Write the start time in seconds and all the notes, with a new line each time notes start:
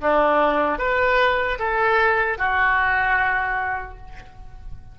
0.00 D4
0.79 B4
1.59 A4
2.38 F#4